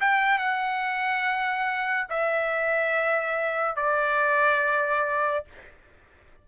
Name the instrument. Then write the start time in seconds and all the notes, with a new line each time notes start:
trumpet
0.00 G5
0.38 F#5
2.09 E5
3.75 D5